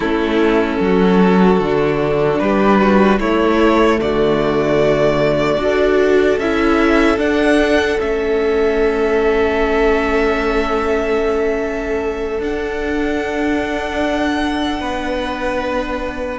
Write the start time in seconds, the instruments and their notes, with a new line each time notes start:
0.00 cello A3, viola C#4, violin E4 A4
0.80 cello F#3, violin F#4
1.59 cello D3, viola D4
2.39 cello G3, violin G4 B4
2.81 violin F#4
3.19 cello A3, viola A3, violin E4 C#5
4.00 cello D3, violin F#4 D5
5.57 cello D4, viola F#4, violin A4
6.37 cello C#4, viola E4, violin E5
7.18 cello D4, viola D4, violin F#5
7.99 cello A3, viola C#4, violin E5
12.39 cello D4, viola D4, violin F#5
14.80 cello B3, violin B4